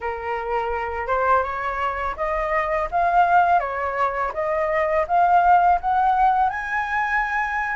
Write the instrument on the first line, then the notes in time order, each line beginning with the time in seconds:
flute
0.00 A#4
1.07 C5
1.43 C#5
2.16 D#5
2.91 F5
3.59 C#5
4.33 D#5
5.07 F5
5.81 F#5
6.49 G#5